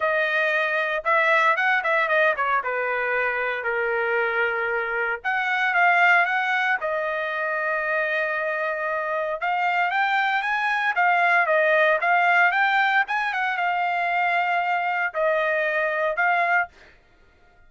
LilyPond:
\new Staff \with { instrumentName = "trumpet" } { \time 4/4 \tempo 4 = 115 dis''2 e''4 fis''8 e''8 | dis''8 cis''8 b'2 ais'4~ | ais'2 fis''4 f''4 | fis''4 dis''2.~ |
dis''2 f''4 g''4 | gis''4 f''4 dis''4 f''4 | g''4 gis''8 fis''8 f''2~ | f''4 dis''2 f''4 | }